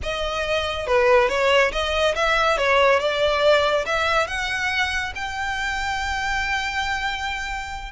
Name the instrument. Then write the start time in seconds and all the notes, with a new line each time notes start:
violin
0.02 D#5
0.86 B4
1.28 C#5
1.71 D#5
2.15 E5
2.57 C#5
2.99 D5
3.85 E5
4.27 F#5
5.15 G5